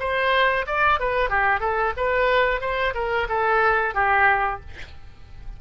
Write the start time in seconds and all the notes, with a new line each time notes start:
0.00 C5
0.67 D5
1.00 B4
1.30 G4
1.60 A4
1.97 B4
2.61 C5
2.95 A#4
3.29 A4
3.95 G4